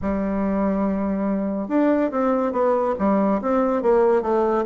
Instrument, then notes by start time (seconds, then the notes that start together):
bassoon
0.01 G3
1.68 D4
2.11 C4
2.52 B3
2.98 G3
3.41 C4
3.82 A#3
4.22 A3